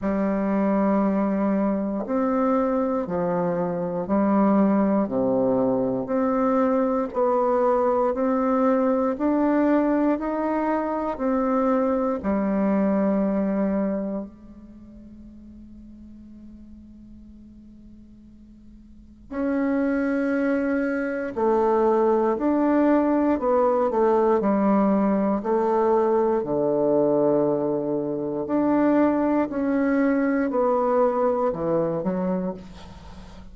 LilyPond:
\new Staff \with { instrumentName = "bassoon" } { \time 4/4 \tempo 4 = 59 g2 c'4 f4 | g4 c4 c'4 b4 | c'4 d'4 dis'4 c'4 | g2 gis2~ |
gis2. cis'4~ | cis'4 a4 d'4 b8 a8 | g4 a4 d2 | d'4 cis'4 b4 e8 fis8 | }